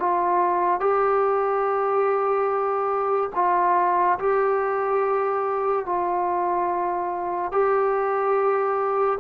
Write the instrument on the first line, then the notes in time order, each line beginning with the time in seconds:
trombone
0.00 F4
0.81 G4
3.36 F4
4.19 G4
5.86 F4
7.52 G4